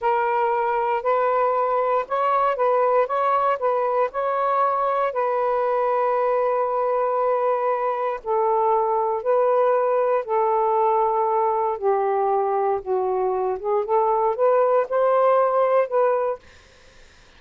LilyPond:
\new Staff \with { instrumentName = "saxophone" } { \time 4/4 \tempo 4 = 117 ais'2 b'2 | cis''4 b'4 cis''4 b'4 | cis''2 b'2~ | b'1 |
a'2 b'2 | a'2. g'4~ | g'4 fis'4. gis'8 a'4 | b'4 c''2 b'4 | }